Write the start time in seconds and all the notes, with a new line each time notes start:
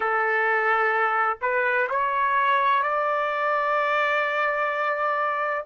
0.00 A4
1.41 B4
1.89 C#5
2.82 D5